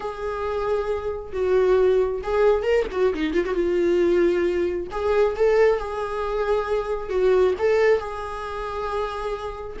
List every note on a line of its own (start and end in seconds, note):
0.00 1.32 G#4
1.32 2.21 F#4
2.23 2.62 G#4
2.62 2.85 A#4
2.91 3.13 F#4
3.13 3.33 D#4
3.33 3.44 F4
3.45 3.54 F#4
3.54 4.87 F4
4.91 5.35 G#4
5.36 5.78 A4
5.78 7.09 G#4
7.09 7.54 F#4
7.59 7.99 A4
7.99 9.77 G#4